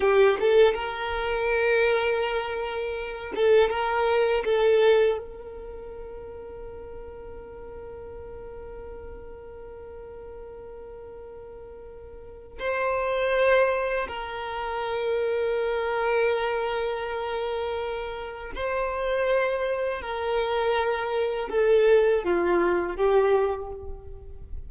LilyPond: \new Staff \with { instrumentName = "violin" } { \time 4/4 \tempo 4 = 81 g'8 a'8 ais'2.~ | ais'8 a'8 ais'4 a'4 ais'4~ | ais'1~ | ais'1~ |
ais'4 c''2 ais'4~ | ais'1~ | ais'4 c''2 ais'4~ | ais'4 a'4 f'4 g'4 | }